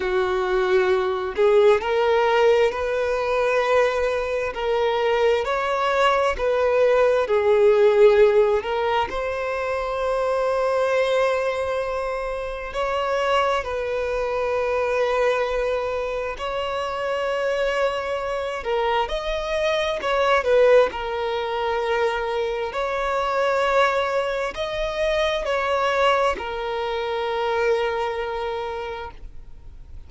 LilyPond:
\new Staff \with { instrumentName = "violin" } { \time 4/4 \tempo 4 = 66 fis'4. gis'8 ais'4 b'4~ | b'4 ais'4 cis''4 b'4 | gis'4. ais'8 c''2~ | c''2 cis''4 b'4~ |
b'2 cis''2~ | cis''8 ais'8 dis''4 cis''8 b'8 ais'4~ | ais'4 cis''2 dis''4 | cis''4 ais'2. | }